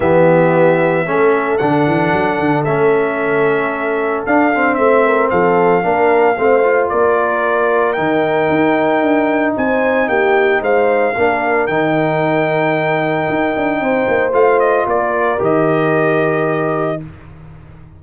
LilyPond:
<<
  \new Staff \with { instrumentName = "trumpet" } { \time 4/4 \tempo 4 = 113 e''2. fis''4~ | fis''4 e''2. | f''4 e''4 f''2~ | f''4 d''2 g''4~ |
g''2 gis''4 g''4 | f''2 g''2~ | g''2. f''8 dis''8 | d''4 dis''2. | }
  \new Staff \with { instrumentName = "horn" } { \time 4/4 g'2 a'2~ | a'1~ | a'4 c''8 ais'8 a'4 ais'4 | c''4 ais'2.~ |
ais'2 c''4 g'4 | c''4 ais'2.~ | ais'2 c''2 | ais'1 | }
  \new Staff \with { instrumentName = "trombone" } { \time 4/4 b2 cis'4 d'4~ | d'4 cis'2. | d'8 c'2~ c'8 d'4 | c'8 f'2~ f'8 dis'4~ |
dis'1~ | dis'4 d'4 dis'2~ | dis'2. f'4~ | f'4 g'2. | }
  \new Staff \with { instrumentName = "tuba" } { \time 4/4 e2 a4 d8 e8 | fis8 d8 a2. | d'4 a4 f4 ais4 | a4 ais2 dis4 |
dis'4 d'4 c'4 ais4 | gis4 ais4 dis2~ | dis4 dis'8 d'8 c'8 ais8 a4 | ais4 dis2. | }
>>